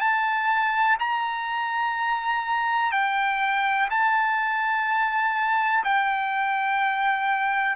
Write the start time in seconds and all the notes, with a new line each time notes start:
0.00 A5
0.99 A#5
2.91 G5
3.90 A5
5.84 G5